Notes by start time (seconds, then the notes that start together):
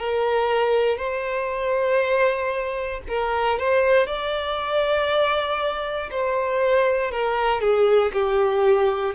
0.00 A#4
0.98 C5
3.08 A#4
3.59 C5
4.07 D5
6.12 C5
7.12 A#4
7.61 G#4
8.14 G4